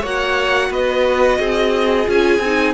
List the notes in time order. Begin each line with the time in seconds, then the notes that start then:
0.00 A#3 F#4 C#5 F#5
0.70 B3 B4 D#5
1.38 C4 G#4
2.04 C#4 F4 G#5
2.39 C4
2.45 D#4